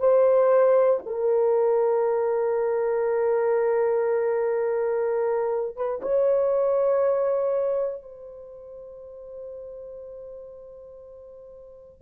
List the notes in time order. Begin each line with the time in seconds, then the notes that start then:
0.00 C5
1.06 A#4
5.77 B4
6.02 C#5
8.03 C5